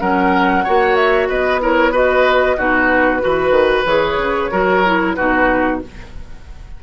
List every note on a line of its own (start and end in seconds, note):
0.00 0.66 F#3
0.00 0.65 C#4
0.00 0.64 A#4
0.00 0.96 F#5
0.64 1.29 A#3
0.64 1.61 F#4
0.64 1.29 C#5
0.96 1.28 E5
1.29 2.58 B3
1.29 1.61 B4
1.29 1.61 D#5
1.61 1.93 E4
1.61 1.92 A#4
1.61 1.95 C#5
1.92 2.57 F#4
1.92 2.57 B4
1.92 2.60 D#5
2.57 3.22 B2
2.57 3.20 D#4
2.57 3.22 F#4
2.57 3.86 B4
3.20 3.51 E3
3.20 3.85 F#4
3.20 4.52 B4
3.51 3.83 D#3
3.86 4.17 E3
3.86 4.52 G#4
3.86 5.14 C#5
4.17 4.49 C#3
4.52 5.17 F#3
4.52 4.84 F#4
4.52 5.16 A#4
4.86 5.18 E4
5.14 5.83 B2
5.14 5.82 D#4
5.14 5.81 F#4
5.14 5.79 B4